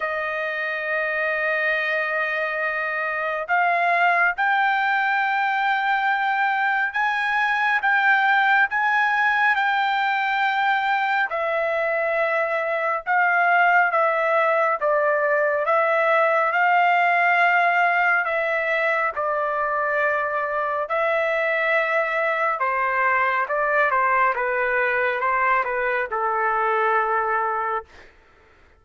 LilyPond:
\new Staff \with { instrumentName = "trumpet" } { \time 4/4 \tempo 4 = 69 dis''1 | f''4 g''2. | gis''4 g''4 gis''4 g''4~ | g''4 e''2 f''4 |
e''4 d''4 e''4 f''4~ | f''4 e''4 d''2 | e''2 c''4 d''8 c''8 | b'4 c''8 b'8 a'2 | }